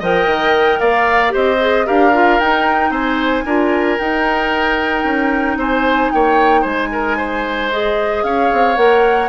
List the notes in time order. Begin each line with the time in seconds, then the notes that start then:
0.00 F3 A#4 D#5 G5
0.27 D#3
0.80 A#3 D5 F5
1.30 C4 G4 C5 D#5
1.60 G#4
1.86 D4 G4 A#4 F5
2.14 F4
2.40 D#4 G5
2.90 C4 C5 G#5
3.46 D4 F4 A#4
3.98 D#4 G5
5.04 C#4
5.57 C4 C5 G#5
6.12 A#3 C#5 G5
6.62 G#3 C5 G#5
6.93 A#4
7.17 C5
7.71 G#4 D#5
8.24 C#4 C#5 F5
8.53 C4
8.76 A#3 A#4 F#5